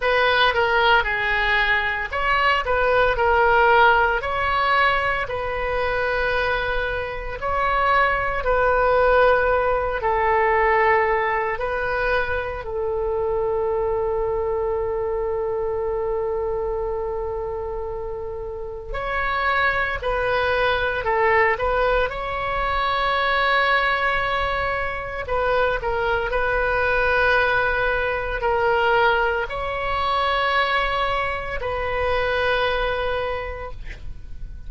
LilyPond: \new Staff \with { instrumentName = "oboe" } { \time 4/4 \tempo 4 = 57 b'8 ais'8 gis'4 cis''8 b'8 ais'4 | cis''4 b'2 cis''4 | b'4. a'4. b'4 | a'1~ |
a'2 cis''4 b'4 | a'8 b'8 cis''2. | b'8 ais'8 b'2 ais'4 | cis''2 b'2 | }